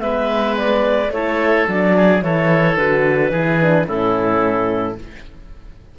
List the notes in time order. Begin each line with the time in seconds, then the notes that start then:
0.00 G#3 B3 B4 E5
0.57 D5
1.11 A3 E4 A4 C#5
1.68 F#3 D4 D5
1.97 G#4
2.22 E3 E4 A4 C#5
2.77 D3 F#4 B4
3.31 E3 E4 G#4
3.62 D4
3.86 A2 C#4 E4 A4